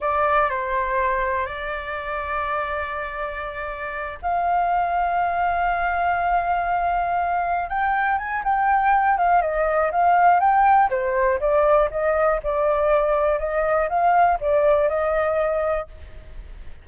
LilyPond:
\new Staff \with { instrumentName = "flute" } { \time 4/4 \tempo 4 = 121 d''4 c''2 d''4~ | d''1~ | d''8 f''2.~ f''8~ | f''2.~ f''8 g''8~ |
g''8 gis''8 g''4. f''8 dis''4 | f''4 g''4 c''4 d''4 | dis''4 d''2 dis''4 | f''4 d''4 dis''2 | }